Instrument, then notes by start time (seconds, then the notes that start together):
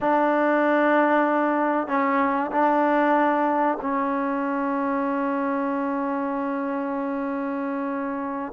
trombone
0.00 D4
1.87 C#4
2.51 D4
3.81 C#4